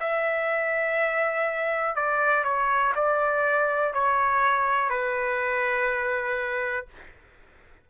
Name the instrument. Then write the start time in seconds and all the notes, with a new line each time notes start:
trumpet
0.00 E5
1.96 D5
2.44 C#5
2.96 D5
3.93 C#5
4.90 B4